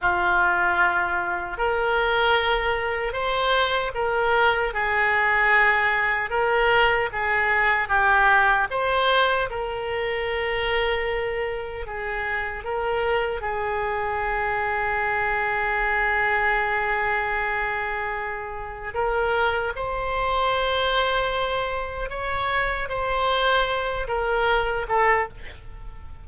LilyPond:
\new Staff \with { instrumentName = "oboe" } { \time 4/4 \tempo 4 = 76 f'2 ais'2 | c''4 ais'4 gis'2 | ais'4 gis'4 g'4 c''4 | ais'2. gis'4 |
ais'4 gis'2.~ | gis'1 | ais'4 c''2. | cis''4 c''4. ais'4 a'8 | }